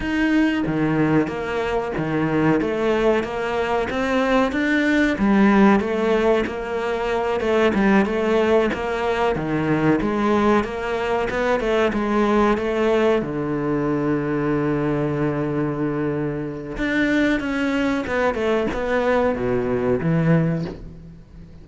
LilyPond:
\new Staff \with { instrumentName = "cello" } { \time 4/4 \tempo 4 = 93 dis'4 dis4 ais4 dis4 | a4 ais4 c'4 d'4 | g4 a4 ais4. a8 | g8 a4 ais4 dis4 gis8~ |
gis8 ais4 b8 a8 gis4 a8~ | a8 d2.~ d8~ | d2 d'4 cis'4 | b8 a8 b4 b,4 e4 | }